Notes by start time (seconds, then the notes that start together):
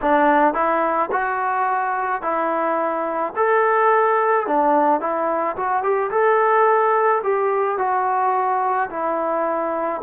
0.02 D4
0.54 E4
1.11 F#4
2.22 E4
3.35 A4
4.46 D4
5.00 E4
5.56 F#4
5.82 G4
6.11 A4
7.23 G4
7.78 F#4
8.89 E4